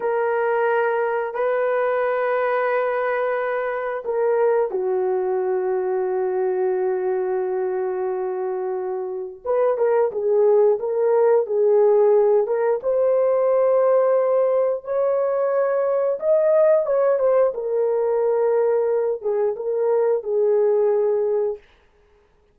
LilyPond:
\new Staff \with { instrumentName = "horn" } { \time 4/4 \tempo 4 = 89 ais'2 b'2~ | b'2 ais'4 fis'4~ | fis'1~ | fis'2 b'8 ais'8 gis'4 |
ais'4 gis'4. ais'8 c''4~ | c''2 cis''2 | dis''4 cis''8 c''8 ais'2~ | ais'8 gis'8 ais'4 gis'2 | }